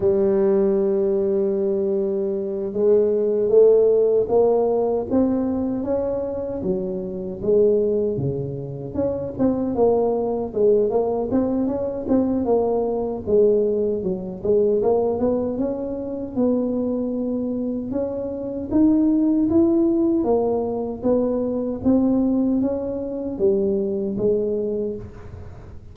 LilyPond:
\new Staff \with { instrumentName = "tuba" } { \time 4/4 \tempo 4 = 77 g2.~ g8 gis8~ | gis8 a4 ais4 c'4 cis'8~ | cis'8 fis4 gis4 cis4 cis'8 | c'8 ais4 gis8 ais8 c'8 cis'8 c'8 |
ais4 gis4 fis8 gis8 ais8 b8 | cis'4 b2 cis'4 | dis'4 e'4 ais4 b4 | c'4 cis'4 g4 gis4 | }